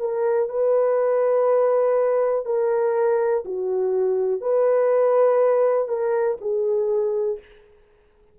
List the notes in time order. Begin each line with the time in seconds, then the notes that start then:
0.00 A#4
0.49 B4
2.45 A#4
3.45 F#4
4.41 B4
5.89 A#4
6.41 G#4